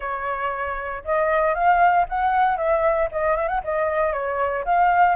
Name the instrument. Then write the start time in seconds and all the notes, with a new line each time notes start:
flute
0.00 C#5
1.04 D#5
1.54 F5
2.09 F#5
2.57 E5
3.11 D#5
3.36 E5
3.47 F#5
3.63 D#5
4.12 C#5
4.65 F5